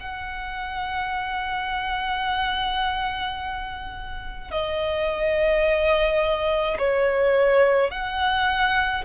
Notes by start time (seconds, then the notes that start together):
0.00 F#5
4.51 D#5
6.79 C#5
7.91 F#5